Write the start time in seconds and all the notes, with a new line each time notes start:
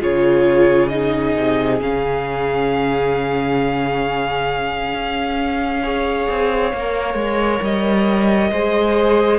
0.00 C#3 F4 G#4 C#5
0.88 D#4 D#5
1.36 C3
1.80 C#3 C#4 F5
4.93 C#4
5.82 G#4 C#5
6.29 C4
6.73 A#3 A#4
7.14 G#3
7.62 G3 D#5
8.51 G#3 G#4 C5